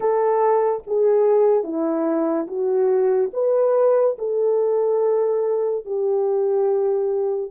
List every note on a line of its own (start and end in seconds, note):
0.00 0.82 A4
0.86 1.63 G#4
1.63 2.47 E4
2.47 3.30 F#4
3.33 4.16 B4
4.18 5.85 A4
5.85 7.51 G4